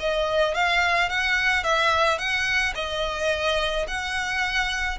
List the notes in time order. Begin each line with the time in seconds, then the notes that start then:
0.00 D#5
0.55 F5
1.10 F#5
1.64 E5
2.19 F#5
2.75 D#5
3.88 F#5